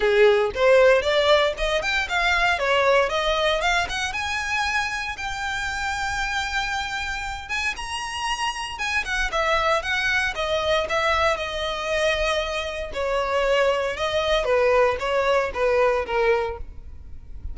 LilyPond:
\new Staff \with { instrumentName = "violin" } { \time 4/4 \tempo 4 = 116 gis'4 c''4 d''4 dis''8 g''8 | f''4 cis''4 dis''4 f''8 fis''8 | gis''2 g''2~ | g''2~ g''8 gis''8 ais''4~ |
ais''4 gis''8 fis''8 e''4 fis''4 | dis''4 e''4 dis''2~ | dis''4 cis''2 dis''4 | b'4 cis''4 b'4 ais'4 | }